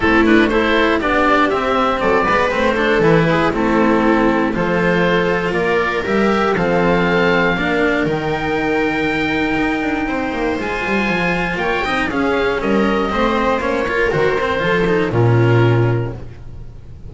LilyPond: <<
  \new Staff \with { instrumentName = "oboe" } { \time 4/4 \tempo 4 = 119 a'8 b'8 c''4 d''4 e''4 | d''4 c''4 b'4 a'4~ | a'4 c''2 d''4 | e''4 f''2. |
g''1~ | g''4 gis''2 g''4 | f''4 dis''2 cis''4 | c''2 ais'2 | }
  \new Staff \with { instrumentName = "viola" } { \time 4/4 e'4 a'4 g'2 | a'8 b'4 a'4 gis'8 e'4~ | e'4 a'2 ais'4~ | ais'4 a'2 ais'4~ |
ais'1 | c''2. cis''8 dis''8 | gis'4 ais'4 c''4. ais'8~ | ais'4 a'4 f'2 | }
  \new Staff \with { instrumentName = "cello" } { \time 4/4 c'8 d'8 e'4 d'4 c'4~ | c'8 b8 c'8 d'8 e'4 c'4~ | c'4 f'2. | g'4 c'2 d'4 |
dis'1~ | dis'4 f'2~ f'8 dis'8 | cis'2 c'4 cis'8 f'8 | fis'8 c'8 f'8 dis'8 cis'2 | }
  \new Staff \with { instrumentName = "double bass" } { \time 4/4 a2 b4 c'4 | fis8 gis8 a4 e4 a4~ | a4 f2 ais4 | g4 f2 ais4 |
dis2. dis'8 d'8 | c'8 ais8 gis8 g8 f4 ais8 c'8 | cis'4 g4 a4 ais4 | dis4 f4 ais,2 | }
>>